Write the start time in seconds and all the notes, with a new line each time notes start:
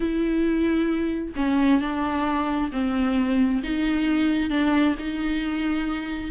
0.00 E4
1.36 C#4
1.80 D4
2.72 C4
3.63 D#4
4.50 D4
4.98 D#4